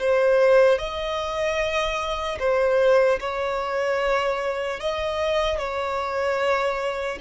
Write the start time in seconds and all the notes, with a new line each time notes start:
0.00 C5
0.79 D#5
2.39 C5
3.20 C#5
4.80 D#5
5.59 C#5